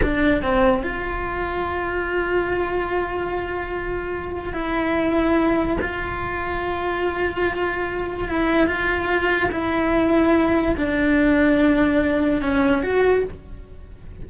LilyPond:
\new Staff \with { instrumentName = "cello" } { \time 4/4 \tempo 4 = 145 d'4 c'4 f'2~ | f'1~ | f'2. e'4~ | e'2 f'2~ |
f'1 | e'4 f'2 e'4~ | e'2 d'2~ | d'2 cis'4 fis'4 | }